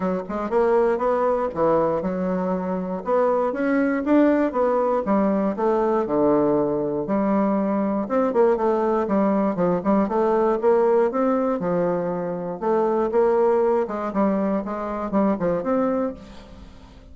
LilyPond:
\new Staff \with { instrumentName = "bassoon" } { \time 4/4 \tempo 4 = 119 fis8 gis8 ais4 b4 e4 | fis2 b4 cis'4 | d'4 b4 g4 a4 | d2 g2 |
c'8 ais8 a4 g4 f8 g8 | a4 ais4 c'4 f4~ | f4 a4 ais4. gis8 | g4 gis4 g8 f8 c'4 | }